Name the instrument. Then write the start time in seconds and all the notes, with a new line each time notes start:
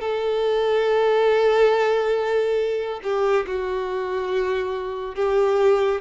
violin
0.00 A4
3.03 G4
3.46 F#4
5.15 G4